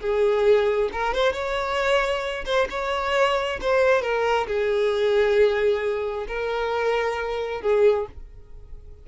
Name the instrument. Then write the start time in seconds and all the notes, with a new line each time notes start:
violin
0.00 G#4
0.92 A#4
1.14 C5
1.33 C#5
2.45 C5
2.70 C#5
3.61 C5
4.02 A#4
4.47 G#4
6.27 A#4
7.61 G#4